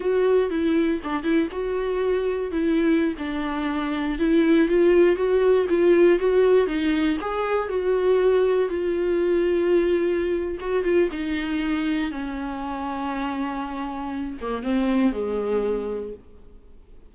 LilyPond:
\new Staff \with { instrumentName = "viola" } { \time 4/4 \tempo 4 = 119 fis'4 e'4 d'8 e'8 fis'4~ | fis'4 e'4~ e'16 d'4.~ d'16~ | d'16 e'4 f'4 fis'4 f'8.~ | f'16 fis'4 dis'4 gis'4 fis'8.~ |
fis'4~ fis'16 f'2~ f'8.~ | f'4 fis'8 f'8 dis'2 | cis'1~ | cis'8 ais8 c'4 gis2 | }